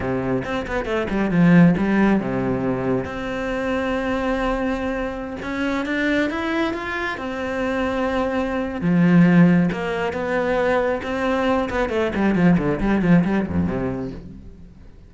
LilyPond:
\new Staff \with { instrumentName = "cello" } { \time 4/4 \tempo 4 = 136 c4 c'8 b8 a8 g8 f4 | g4 c2 c'4~ | c'1~ | c'16 cis'4 d'4 e'4 f'8.~ |
f'16 c'2.~ c'8. | f2 ais4 b4~ | b4 c'4. b8 a8 g8 | f8 d8 g8 f8 g8 f,8 c4 | }